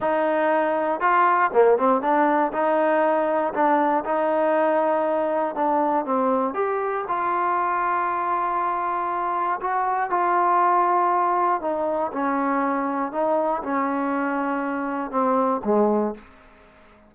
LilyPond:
\new Staff \with { instrumentName = "trombone" } { \time 4/4 \tempo 4 = 119 dis'2 f'4 ais8 c'8 | d'4 dis'2 d'4 | dis'2. d'4 | c'4 g'4 f'2~ |
f'2. fis'4 | f'2. dis'4 | cis'2 dis'4 cis'4~ | cis'2 c'4 gis4 | }